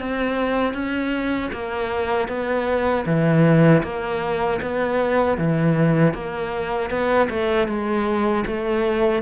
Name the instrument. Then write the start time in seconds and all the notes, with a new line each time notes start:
cello
0.00 C4
0.74 C#4
1.52 A#3
2.28 B3
3.06 E3
3.83 A#3
4.62 B3
5.38 E3
6.14 A#3
6.91 B3
7.30 A3
7.68 G#3
8.47 A3